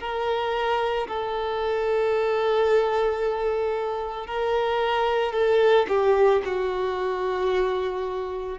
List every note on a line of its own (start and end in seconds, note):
0.00 1.07 A#4
1.08 4.27 A4
4.27 5.33 A#4
5.33 5.86 A4
5.88 6.42 G4
6.45 8.59 F#4